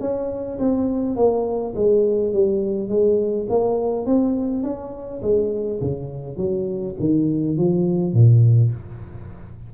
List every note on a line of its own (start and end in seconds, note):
0.00 0.58 C#4
0.59 1.16 C4
1.16 1.74 A#3
1.75 2.33 G#3
2.33 2.89 G3
2.89 3.47 G#3
3.49 4.06 A#3
4.06 4.63 C4
4.63 5.21 C#4
5.22 5.80 G#3
5.81 6.37 C#3
6.37 6.95 F#3
7.00 7.57 D#3
7.57 8.13 F3
8.13 8.71 A#2